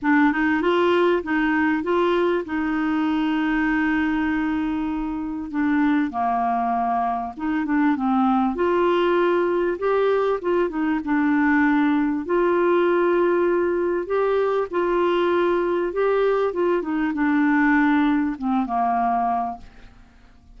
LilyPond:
\new Staff \with { instrumentName = "clarinet" } { \time 4/4 \tempo 4 = 98 d'8 dis'8 f'4 dis'4 f'4 | dis'1~ | dis'4 d'4 ais2 | dis'8 d'8 c'4 f'2 |
g'4 f'8 dis'8 d'2 | f'2. g'4 | f'2 g'4 f'8 dis'8 | d'2 c'8 ais4. | }